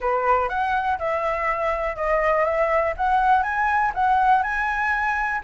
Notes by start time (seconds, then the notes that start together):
0.00 B4
0.48 F#5
0.98 E5
1.96 D#5
2.45 E5
2.96 F#5
3.42 G#5
3.94 F#5
4.42 G#5